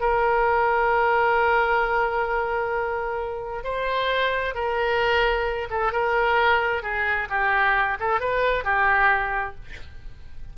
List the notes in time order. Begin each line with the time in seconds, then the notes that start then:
0.00 A#4
3.64 C5
4.54 A#4
5.70 A4
5.92 A#4
6.82 G#4
7.29 G4
8.00 A4
8.20 B4
8.64 G4